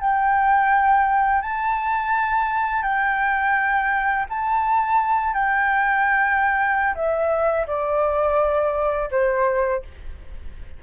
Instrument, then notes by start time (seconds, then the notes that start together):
flute
0.00 G5
1.42 A5
2.82 G5
4.29 A5
5.34 G5
6.95 E5
7.67 D5
9.11 C5